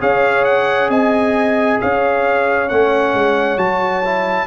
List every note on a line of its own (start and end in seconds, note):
0.00 0.89 C#4
0.00 2.69 G#4
0.00 0.90 C#5
0.00 0.44 F5
0.44 0.89 F#5
0.89 1.79 C4
0.89 1.79 D#5
0.89 1.80 G#5
1.81 2.71 C#4
1.81 4.46 C#5
1.81 2.69 F5
2.69 3.14 A3
2.69 3.58 C#4
2.69 3.58 F#5
3.14 3.57 G#3
3.57 4.46 F#3
3.57 4.02 F#4
3.57 4.46 A5
4.05 4.46 E4